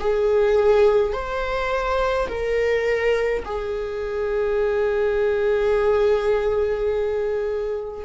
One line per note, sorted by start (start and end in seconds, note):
0.00 1.13 G#4
1.13 2.28 C5
2.29 3.44 A#4
3.45 8.05 G#4